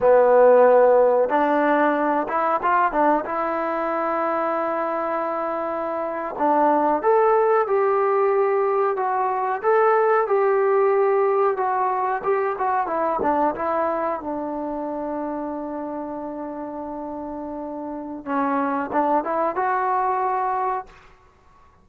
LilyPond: \new Staff \with { instrumentName = "trombone" } { \time 4/4 \tempo 4 = 92 b2 d'4. e'8 | f'8 d'8 e'2.~ | e'4.~ e'16 d'4 a'4 g'16~ | g'4.~ g'16 fis'4 a'4 g'16~ |
g'4.~ g'16 fis'4 g'8 fis'8 e'16~ | e'16 d'8 e'4 d'2~ d'16~ | d'1 | cis'4 d'8 e'8 fis'2 | }